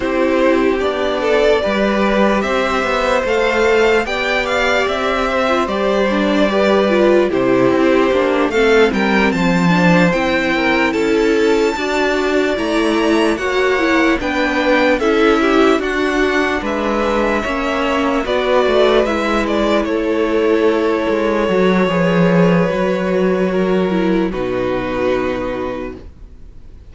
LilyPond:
<<
  \new Staff \with { instrumentName = "violin" } { \time 4/4 \tempo 4 = 74 c''4 d''2 e''4 | f''4 g''8 f''8 e''4 d''4~ | d''4 c''4. f''8 g''8 a''8~ | a''8 g''4 a''2 ais''8~ |
ais''8 fis''4 g''4 e''4 fis''8~ | fis''8 e''2 d''4 e''8 | d''8 cis''2.~ cis''8~ | cis''2 b'2 | }
  \new Staff \with { instrumentName = "violin" } { \time 4/4 g'4. a'8 b'4 c''4~ | c''4 d''4. c''4. | b'4 g'4. a'8 ais'8 c''8~ | c''4 ais'8 a'4 d''4.~ |
d''8 cis''4 b'4 a'8 g'8 fis'8~ | fis'8 b'4 cis''4 b'4.~ | b'8 a'2~ a'8 b'4~ | b'4 ais'4 fis'2 | }
  \new Staff \with { instrumentName = "viola" } { \time 4/4 e'4 d'4 g'2 | a'4 g'4.~ g'16 f'16 g'8 d'8 | g'8 f'8 e'4 d'8 c'4. | d'8 e'2 fis'4 e'8~ |
e'8 fis'8 e'8 d'4 e'4 d'8~ | d'4. cis'4 fis'4 e'8~ | e'2~ e'8 fis'8 gis'4 | fis'4. e'8 dis'2 | }
  \new Staff \with { instrumentName = "cello" } { \time 4/4 c'4 b4 g4 c'8 b8 | a4 b4 c'4 g4~ | g4 c8 c'8 ais8 a8 g8 f8~ | f8 c'4 cis'4 d'4 a8~ |
a8 ais4 b4 cis'4 d'8~ | d'8 gis4 ais4 b8 a8 gis8~ | gis8 a4. gis8 fis8 f4 | fis2 b,2 | }
>>